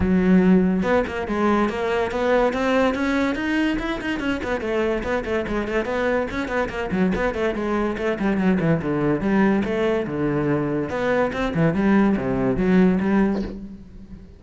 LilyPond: \new Staff \with { instrumentName = "cello" } { \time 4/4 \tempo 4 = 143 fis2 b8 ais8 gis4 | ais4 b4 c'4 cis'4 | dis'4 e'8 dis'8 cis'8 b8 a4 | b8 a8 gis8 a8 b4 cis'8 b8 |
ais8 fis8 b8 a8 gis4 a8 g8 | fis8 e8 d4 g4 a4 | d2 b4 c'8 e8 | g4 c4 fis4 g4 | }